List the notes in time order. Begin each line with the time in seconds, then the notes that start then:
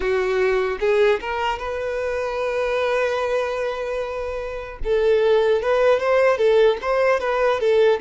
0.00 F#4
0.80 G#4
1.20 A#4
1.59 B4
4.84 A4
5.61 B4
5.99 C5
6.37 A4
6.81 C5
7.20 B4
7.60 A4